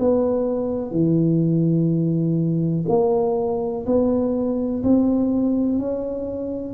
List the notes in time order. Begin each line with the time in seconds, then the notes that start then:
0.00 B3
0.92 E3
2.89 A#3
3.87 B3
4.84 C4
5.79 C#4